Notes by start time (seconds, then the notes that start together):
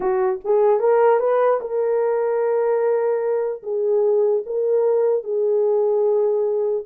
0.00 F#4
0.44 G#4
0.79 A#4
1.19 B4
1.61 A#4
3.62 G#4
4.46 A#4
5.23 G#4